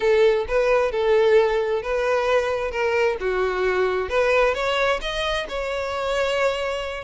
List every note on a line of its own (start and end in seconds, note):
0.00 0.45 A4
0.48 0.91 B4
0.91 1.82 A4
1.82 2.71 B4
2.71 3.16 A#4
3.20 4.09 F#4
4.09 4.54 B4
4.54 4.99 C#5
5.01 5.46 D#5
5.49 7.04 C#5